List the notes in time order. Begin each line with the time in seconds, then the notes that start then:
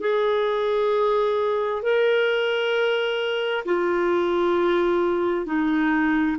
0.00 G#4
1.82 A#4
3.65 F4
5.45 D#4